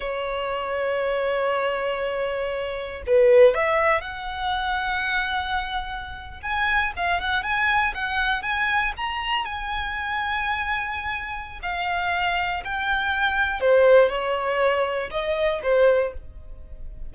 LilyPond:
\new Staff \with { instrumentName = "violin" } { \time 4/4 \tempo 4 = 119 cis''1~ | cis''2 b'4 e''4 | fis''1~ | fis''8. gis''4 f''8 fis''8 gis''4 fis''16~ |
fis''8. gis''4 ais''4 gis''4~ gis''16~ | gis''2. f''4~ | f''4 g''2 c''4 | cis''2 dis''4 c''4 | }